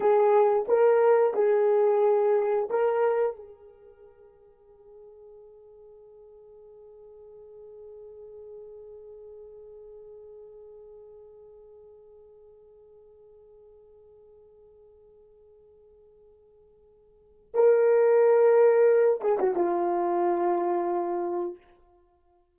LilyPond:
\new Staff \with { instrumentName = "horn" } { \time 4/4 \tempo 4 = 89 gis'4 ais'4 gis'2 | ais'4 gis'2.~ | gis'1~ | gis'1~ |
gis'1~ | gis'1~ | gis'2 ais'2~ | ais'8 gis'16 fis'16 f'2. | }